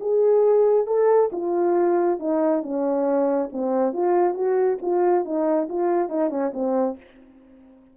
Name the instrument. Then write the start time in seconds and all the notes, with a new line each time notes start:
horn
0.00 G#4
0.87 A4
1.32 F4
2.19 D#4
2.62 C#4
3.52 C4
3.93 F4
4.34 F#4
4.81 F4
5.25 D#4
5.69 F4
6.08 D#4
6.30 C#4
6.53 C4